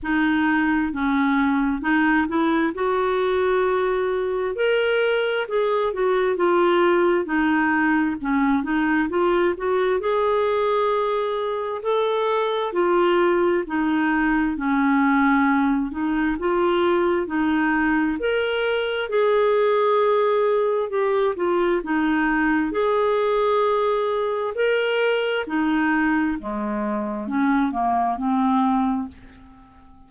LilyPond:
\new Staff \with { instrumentName = "clarinet" } { \time 4/4 \tempo 4 = 66 dis'4 cis'4 dis'8 e'8 fis'4~ | fis'4 ais'4 gis'8 fis'8 f'4 | dis'4 cis'8 dis'8 f'8 fis'8 gis'4~ | gis'4 a'4 f'4 dis'4 |
cis'4. dis'8 f'4 dis'4 | ais'4 gis'2 g'8 f'8 | dis'4 gis'2 ais'4 | dis'4 gis4 cis'8 ais8 c'4 | }